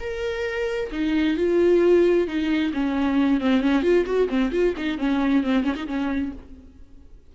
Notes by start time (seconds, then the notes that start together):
0.00 A#4
0.91 D#4
1.37 F4
2.27 D#4
2.73 C#4
3.41 C4
3.61 C#4
3.82 F4
4.06 F#4
4.29 C4
4.51 F4
4.77 D#4
4.98 C#4
5.43 C4
5.64 C#4
5.76 D#4
5.87 C#4